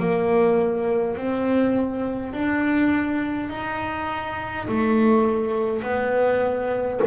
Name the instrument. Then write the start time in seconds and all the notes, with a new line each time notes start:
double bass
0.00 A#3
1.17 C4
2.34 D4
3.50 D#4
4.68 A3
5.83 B3